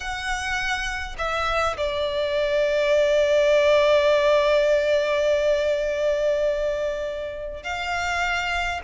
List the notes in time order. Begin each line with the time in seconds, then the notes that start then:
0.00 F#5
1.17 E5
1.77 D5
7.63 F5